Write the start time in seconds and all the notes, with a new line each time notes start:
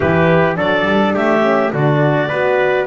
0.00 E3 E4 G4 B4
0.56 F#3 D4 A4 D5
0.85 G3
1.13 A3 G4 E5
1.41 C#4
1.72 D3 D4 F#4 D5
2.28 B3 F#4 B4